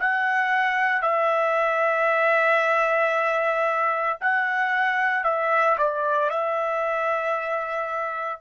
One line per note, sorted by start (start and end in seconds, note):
0.00 1.02 F#5
1.02 4.18 E5
4.21 5.24 F#5
5.24 5.77 E5
5.78 6.30 D5
6.30 8.41 E5